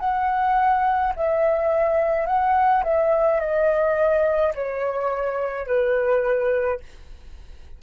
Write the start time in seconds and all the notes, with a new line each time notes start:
0.00 F#5
1.16 E5
2.26 F#5
2.84 E5
3.40 D#5
4.55 C#5
5.67 B4